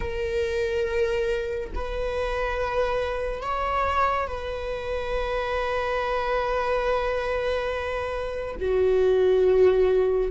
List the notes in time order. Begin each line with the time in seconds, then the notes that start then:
0.00 A#4
1.75 B4
3.42 C#5
4.27 B4
8.59 F#4